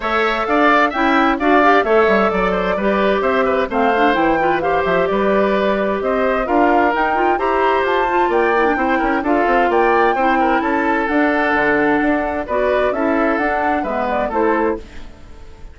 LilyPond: <<
  \new Staff \with { instrumentName = "flute" } { \time 4/4 \tempo 4 = 130 e''4 f''4 g''4 f''4 | e''4 d''2 e''4 | f''4 g''4 f''8 e''8 d''4~ | d''4 dis''4 f''4 g''4 |
ais''4 a''4 g''2 | f''4 g''2 a''4 | fis''2. d''4 | e''4 fis''4 e''8 d''8 c''4 | }
  \new Staff \with { instrumentName = "oboe" } { \time 4/4 cis''4 d''4 e''4 d''4 | cis''4 d''8 c''8 b'4 c''8 b'8 | c''4. b'8 c''4 b'4~ | b'4 c''4 ais'2 |
c''2 d''4 c''8 ais'8 | a'4 d''4 c''8 ais'8 a'4~ | a'2. b'4 | a'2 b'4 a'4 | }
  \new Staff \with { instrumentName = "clarinet" } { \time 4/4 a'2 e'4 fis'8 g'8 | a'2 g'2 | c'8 d'8 e'8 f'8 g'2~ | g'2 f'4 dis'8 f'8 |
g'4. f'4 e'16 d'16 e'4 | f'2 e'2 | d'2. fis'4 | e'4 d'4 b4 e'4 | }
  \new Staff \with { instrumentName = "bassoon" } { \time 4/4 a4 d'4 cis'4 d'4 | a8 g8 fis4 g4 c'4 | a4 e4. f8 g4~ | g4 c'4 d'4 dis'4 |
e'4 f'4 ais4 c'8 cis'8 | d'8 c'8 ais4 c'4 cis'4 | d'4 d4 d'4 b4 | cis'4 d'4 gis4 a4 | }
>>